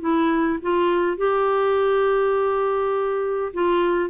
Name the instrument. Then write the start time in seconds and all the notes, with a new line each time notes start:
clarinet
0.00 E4
0.62 F4
1.17 G4
3.53 F4